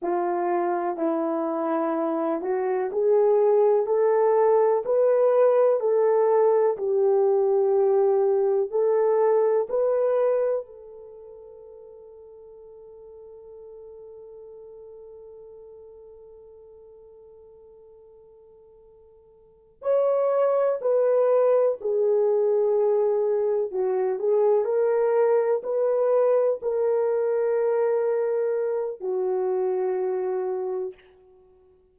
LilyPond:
\new Staff \with { instrumentName = "horn" } { \time 4/4 \tempo 4 = 62 f'4 e'4. fis'8 gis'4 | a'4 b'4 a'4 g'4~ | g'4 a'4 b'4 a'4~ | a'1~ |
a'1~ | a'8 cis''4 b'4 gis'4.~ | gis'8 fis'8 gis'8 ais'4 b'4 ais'8~ | ais'2 fis'2 | }